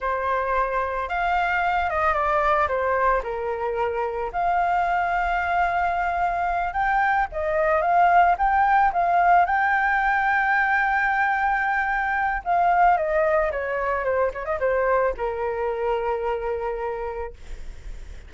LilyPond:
\new Staff \with { instrumentName = "flute" } { \time 4/4 \tempo 4 = 111 c''2 f''4. dis''8 | d''4 c''4 ais'2 | f''1~ | f''8 g''4 dis''4 f''4 g''8~ |
g''8 f''4 g''2~ g''8~ | g''2. f''4 | dis''4 cis''4 c''8 cis''16 dis''16 c''4 | ais'1 | }